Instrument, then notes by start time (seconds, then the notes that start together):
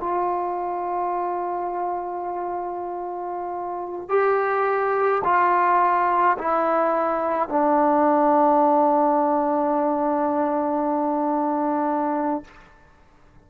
trombone
0.00 F4
4.09 G4
5.24 F4
6.38 E4
7.49 D4